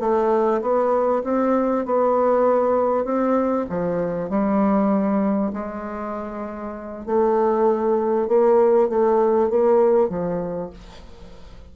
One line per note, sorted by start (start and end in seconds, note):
0.00 0.61 A3
0.62 1.23 B3
1.24 1.86 C4
1.86 3.05 B3
3.05 3.66 C4
3.70 4.30 F3
4.30 5.52 G3
5.54 7.06 G#3
7.06 8.28 A3
8.28 8.89 A#3
8.89 9.50 A3
9.50 10.09 A#3
10.09 10.71 F3